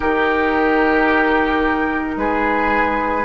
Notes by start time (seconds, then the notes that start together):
0.00 D#3 D#4 G4 A#4
2.16 G#3 G#4 B4